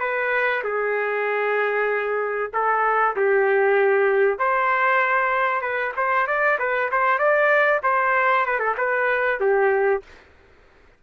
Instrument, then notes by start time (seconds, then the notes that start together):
trumpet
0.00 B4
0.64 G#4
2.53 A4
3.16 G4
4.39 C5
5.61 B4
5.97 C5
6.27 D5
6.59 B4
6.91 C5
7.18 D5
7.83 C5
8.46 B4
8.59 A4
8.78 B4
9.40 G4